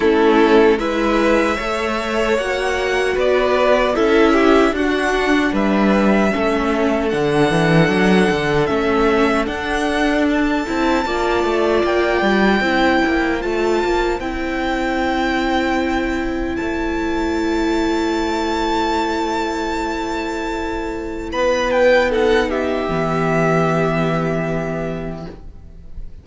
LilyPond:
<<
  \new Staff \with { instrumentName = "violin" } { \time 4/4 \tempo 4 = 76 a'4 e''2 fis''4 | d''4 e''4 fis''4 e''4~ | e''4 fis''2 e''4 | fis''4 a''2 g''4~ |
g''4 a''4 g''2~ | g''4 a''2.~ | a''2. b''8 g''8 | fis''8 e''2.~ e''8 | }
  \new Staff \with { instrumentName = "violin" } { \time 4/4 e'4 b'4 cis''2 | b'4 a'8 g'8 fis'4 b'4 | a'1~ | a'2 d''2 |
c''1~ | c''1~ | c''2. b'4 | a'8 g'2.~ g'8 | }
  \new Staff \with { instrumentName = "viola" } { \time 4/4 cis'4 e'4 a'4 fis'4~ | fis'4 e'4 d'2 | cis'4 d'2 cis'4 | d'4. e'8 f'2 |
e'4 f'4 e'2~ | e'1~ | e'1 | dis'4 b2. | }
  \new Staff \with { instrumentName = "cello" } { \time 4/4 a4 gis4 a4 ais4 | b4 cis'4 d'4 g4 | a4 d8 e8 fis8 d8 a4 | d'4. c'8 ais8 a8 ais8 g8 |
c'8 ais8 a8 ais8 c'2~ | c'4 a2.~ | a2. b4~ | b4 e2. | }
>>